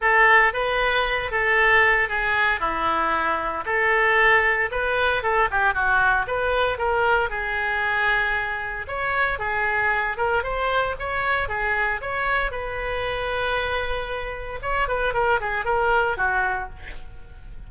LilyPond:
\new Staff \with { instrumentName = "oboe" } { \time 4/4 \tempo 4 = 115 a'4 b'4. a'4. | gis'4 e'2 a'4~ | a'4 b'4 a'8 g'8 fis'4 | b'4 ais'4 gis'2~ |
gis'4 cis''4 gis'4. ais'8 | c''4 cis''4 gis'4 cis''4 | b'1 | cis''8 b'8 ais'8 gis'8 ais'4 fis'4 | }